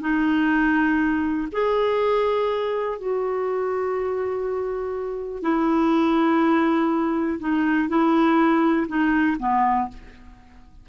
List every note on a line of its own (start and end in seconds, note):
0.00 1.48 D#4
1.52 2.98 G#4
2.98 5.42 F#4
5.42 7.39 E4
7.39 7.88 D#4
7.88 8.87 E4
8.88 9.37 D#4
9.39 9.88 B3